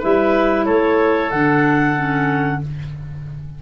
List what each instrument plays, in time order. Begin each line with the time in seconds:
0.00 tuba G3, clarinet E4 E5, oboe B4
0.65 tuba A3, oboe A4, clarinet C#5
1.31 tuba D3, clarinet D4 F#5
1.96 clarinet C#4